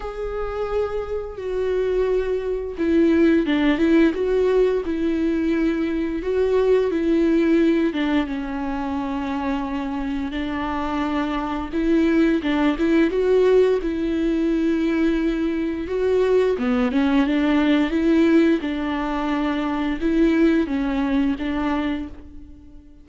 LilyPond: \new Staff \with { instrumentName = "viola" } { \time 4/4 \tempo 4 = 87 gis'2 fis'2 | e'4 d'8 e'8 fis'4 e'4~ | e'4 fis'4 e'4. d'8 | cis'2. d'4~ |
d'4 e'4 d'8 e'8 fis'4 | e'2. fis'4 | b8 cis'8 d'4 e'4 d'4~ | d'4 e'4 cis'4 d'4 | }